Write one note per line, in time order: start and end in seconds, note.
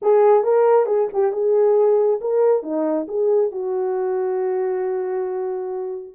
0.02 0.43 G#4
0.43 0.86 A#4
0.86 1.07 G#4
1.13 1.32 G4
1.32 2.20 G#4
2.20 2.63 A#4
2.63 3.06 D#4
3.08 3.51 G#4
3.51 6.14 F#4